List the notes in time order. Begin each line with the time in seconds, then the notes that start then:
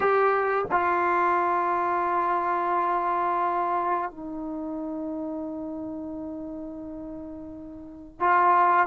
0.00 G4
0.71 F4
4.11 D#4
8.20 F4